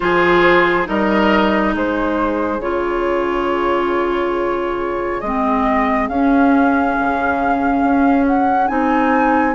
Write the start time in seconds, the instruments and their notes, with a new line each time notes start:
0.00 bassoon F3, clarinet F4, oboe G#4, flute C5
0.84 bassoon G3, clarinet D#4, oboe A#4, flute D#5
1.74 bassoon G#3, oboe G#4, flute C5
2.58 bassoon C#3, clarinet F4, flute C#5
5.20 bassoon G#3, clarinet C4, flute D#5
6.08 bassoon C#4, clarinet C#4, flute F5
6.99 bassoon C#3
7.82 bassoon C#4
8.26 flute F#5
8.67 bassoon C4, clarinet D#4, flute G#5